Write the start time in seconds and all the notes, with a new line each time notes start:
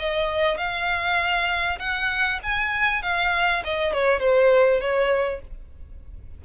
0.00 D#5
0.58 F5
1.80 F#5
2.43 G#5
3.03 F5
3.64 D#5
3.93 C#5
4.20 C5
4.81 C#5